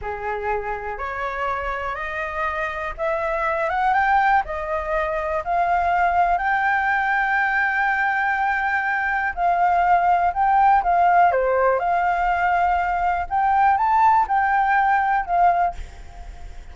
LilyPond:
\new Staff \with { instrumentName = "flute" } { \time 4/4 \tempo 4 = 122 gis'2 cis''2 | dis''2 e''4. fis''8 | g''4 dis''2 f''4~ | f''4 g''2.~ |
g''2. f''4~ | f''4 g''4 f''4 c''4 | f''2. g''4 | a''4 g''2 f''4 | }